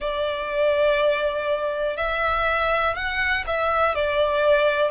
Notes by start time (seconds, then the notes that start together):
0.00 D5
1.97 E5
2.95 F#5
3.46 E5
3.94 D5